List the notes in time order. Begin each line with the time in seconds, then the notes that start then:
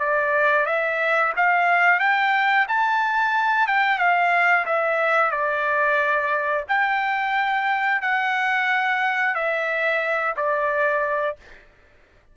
0.00 D5
0.66 E5
1.36 F5
2.00 G5
2.68 A5
3.68 G5
3.99 F5
4.66 E5
5.32 D5
6.68 G5
8.02 F#5
9.35 E5
10.36 D5